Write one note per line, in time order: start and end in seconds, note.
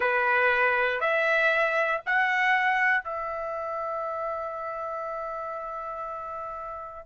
0.00 1.00 B4
1.00 2.01 E5
2.05 3.04 F#5
3.04 7.06 E5